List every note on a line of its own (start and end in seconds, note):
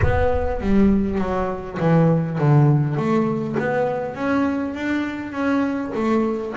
0.02 0.60 B3
0.60 1.18 G3
1.18 1.77 F#3
1.79 2.38 E3
2.38 2.96 D3
2.96 3.56 A3
3.59 4.14 B3
4.14 4.74 C#4
4.74 5.32 D4
5.32 5.91 C#4
5.95 6.54 A3